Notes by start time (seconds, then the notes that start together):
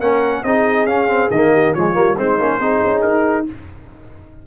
0.00 A#3 C#4 A#4 F#5
0.44 C4 D#4 G#4 D#5
0.85 C#4 F5
1.09 C4
1.31 D#3 A#3 D#5
1.53 G4
1.74 F3 G#3 F4 C#5
1.94 G3 A#3
2.17 G#3 C4 D#4 C5
2.39 A#3 C#4
2.60 C4 D#4 G#4
2.85 C#4
3.02 D#4 A#4